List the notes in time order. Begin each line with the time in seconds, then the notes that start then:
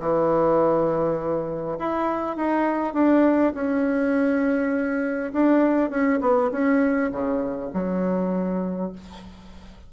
0.00 E3
1.79 E4
2.37 D#4
2.94 D4
3.54 C#4
5.33 D4
5.90 C#4
6.21 B3
6.52 C#4
7.12 C#3
7.74 F#3